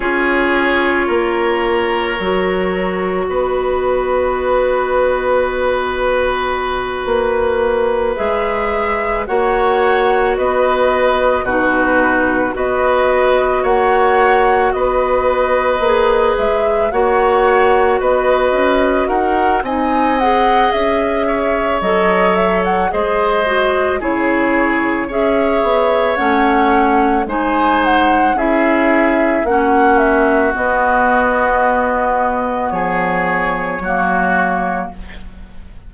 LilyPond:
<<
  \new Staff \with { instrumentName = "flute" } { \time 4/4 \tempo 4 = 55 cis''2. dis''4~ | dis''2.~ dis''8 e''8~ | e''8 fis''4 dis''4 b'4 dis''8~ | dis''8 fis''4 dis''4. e''8 fis''8~ |
fis''8 dis''4 fis''8 gis''8 fis''8 e''4 | dis''8 e''16 fis''16 dis''4 cis''4 e''4 | fis''4 gis''8 fis''8 e''4 fis''8 e''8 | dis''2 cis''2 | }
  \new Staff \with { instrumentName = "oboe" } { \time 4/4 gis'4 ais'2 b'4~ | b'1~ | b'8 cis''4 b'4 fis'4 b'8~ | b'8 cis''4 b'2 cis''8~ |
cis''8 b'4 ais'8 dis''4. cis''8~ | cis''4 c''4 gis'4 cis''4~ | cis''4 c''4 gis'4 fis'4~ | fis'2 gis'4 fis'4 | }
  \new Staff \with { instrumentName = "clarinet" } { \time 4/4 f'2 fis'2~ | fis'2.~ fis'8 gis'8~ | gis'8 fis'2 dis'4 fis'8~ | fis'2~ fis'8 gis'4 fis'8~ |
fis'2 dis'8 gis'4. | a'4 gis'8 fis'8 e'4 gis'4 | cis'4 dis'4 e'4 cis'4 | b2. ais4 | }
  \new Staff \with { instrumentName = "bassoon" } { \time 4/4 cis'4 ais4 fis4 b4~ | b2~ b8 ais4 gis8~ | gis8 ais4 b4 b,4 b8~ | b8 ais4 b4 ais8 gis8 ais8~ |
ais8 b8 cis'8 dis'8 c'4 cis'4 | fis4 gis4 cis4 cis'8 b8 | a4 gis4 cis'4 ais4 | b2 f4 fis4 | }
>>